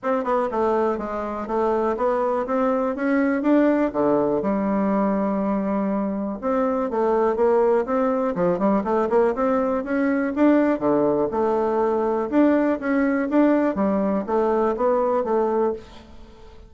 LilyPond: \new Staff \with { instrumentName = "bassoon" } { \time 4/4 \tempo 4 = 122 c'8 b8 a4 gis4 a4 | b4 c'4 cis'4 d'4 | d4 g2.~ | g4 c'4 a4 ais4 |
c'4 f8 g8 a8 ais8 c'4 | cis'4 d'4 d4 a4~ | a4 d'4 cis'4 d'4 | g4 a4 b4 a4 | }